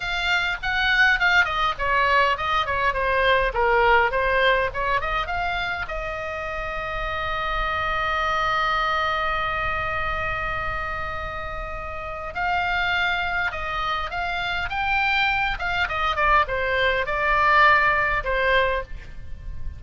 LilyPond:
\new Staff \with { instrumentName = "oboe" } { \time 4/4 \tempo 4 = 102 f''4 fis''4 f''8 dis''8 cis''4 | dis''8 cis''8 c''4 ais'4 c''4 | cis''8 dis''8 f''4 dis''2~ | dis''1~ |
dis''1~ | dis''4 f''2 dis''4 | f''4 g''4. f''8 dis''8 d''8 | c''4 d''2 c''4 | }